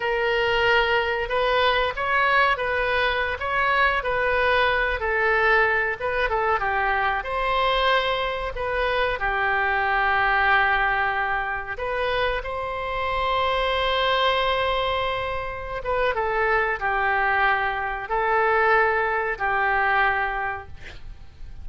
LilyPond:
\new Staff \with { instrumentName = "oboe" } { \time 4/4 \tempo 4 = 93 ais'2 b'4 cis''4 | b'4~ b'16 cis''4 b'4. a'16~ | a'4~ a'16 b'8 a'8 g'4 c''8.~ | c''4~ c''16 b'4 g'4.~ g'16~ |
g'2~ g'16 b'4 c''8.~ | c''1~ | c''8 b'8 a'4 g'2 | a'2 g'2 | }